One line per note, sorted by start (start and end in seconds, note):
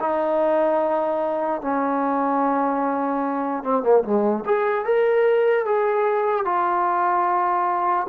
0.00 1.61 D#4
1.61 3.63 C#4
3.63 3.83 C4
3.83 4.03 A#3
4.03 4.44 G#3
4.45 4.85 G#4
4.85 5.65 A#4
5.65 6.45 G#4
6.45 8.07 F4